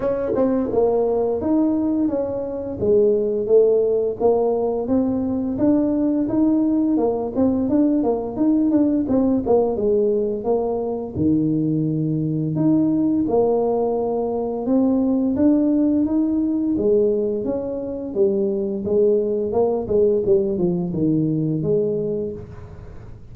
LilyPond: \new Staff \with { instrumentName = "tuba" } { \time 4/4 \tempo 4 = 86 cis'8 c'8 ais4 dis'4 cis'4 | gis4 a4 ais4 c'4 | d'4 dis'4 ais8 c'8 d'8 ais8 | dis'8 d'8 c'8 ais8 gis4 ais4 |
dis2 dis'4 ais4~ | ais4 c'4 d'4 dis'4 | gis4 cis'4 g4 gis4 | ais8 gis8 g8 f8 dis4 gis4 | }